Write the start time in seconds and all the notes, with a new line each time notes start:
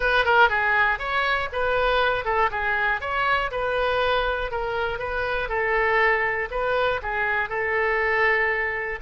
0.00 B4
0.24 A#4
0.49 G#4
0.99 C#5
1.52 B4
2.25 A4
2.50 G#4
3.00 C#5
3.51 B4
4.51 A#4
4.98 B4
5.48 A4
6.50 B4
7.02 G#4
7.49 A4